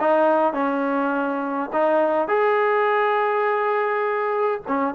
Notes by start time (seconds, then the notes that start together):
0.00 D#4
0.53 C#4
1.73 D#4
2.28 G#4
4.68 C#4